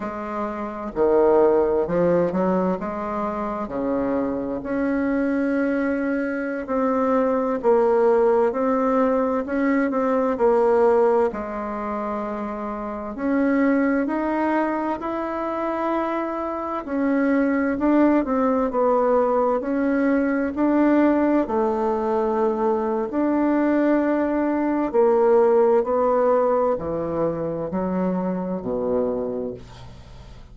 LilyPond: \new Staff \with { instrumentName = "bassoon" } { \time 4/4 \tempo 4 = 65 gis4 dis4 f8 fis8 gis4 | cis4 cis'2~ cis'16 c'8.~ | c'16 ais4 c'4 cis'8 c'8 ais8.~ | ais16 gis2 cis'4 dis'8.~ |
dis'16 e'2 cis'4 d'8 c'16~ | c'16 b4 cis'4 d'4 a8.~ | a4 d'2 ais4 | b4 e4 fis4 b,4 | }